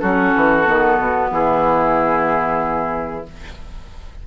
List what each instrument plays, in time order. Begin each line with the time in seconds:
0.00 bassoon F#3, clarinet C#4, oboe F#4, flute A4
0.35 bassoon E3
0.65 bassoon D#3, clarinet B3
0.99 bassoon B2
1.31 bassoon E3, oboe E4, flute G#4